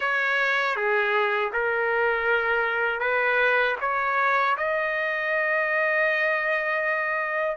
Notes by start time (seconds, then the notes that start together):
0.00 C#5
0.76 G#4
1.53 A#4
3.00 B4
3.80 C#5
4.57 D#5